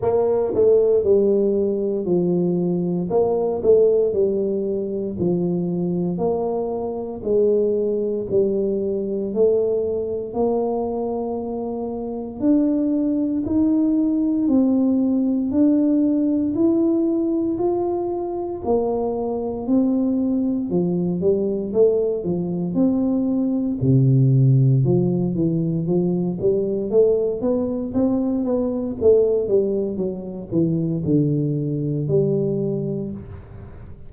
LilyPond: \new Staff \with { instrumentName = "tuba" } { \time 4/4 \tempo 4 = 58 ais8 a8 g4 f4 ais8 a8 | g4 f4 ais4 gis4 | g4 a4 ais2 | d'4 dis'4 c'4 d'4 |
e'4 f'4 ais4 c'4 | f8 g8 a8 f8 c'4 c4 | f8 e8 f8 g8 a8 b8 c'8 b8 | a8 g8 fis8 e8 d4 g4 | }